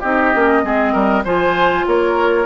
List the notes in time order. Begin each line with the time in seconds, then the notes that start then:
0.00 C4 D#4 G4 D#5
0.34 A#3 C#4
0.63 G#3 C4 G#4
0.93 G3 A#4
1.24 F3 F4 C5 G#5
1.87 A#3 A#4 C#5